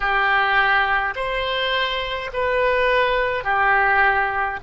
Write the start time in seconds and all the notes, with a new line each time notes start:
0.00 G4
1.15 C5
2.33 B4
3.44 G4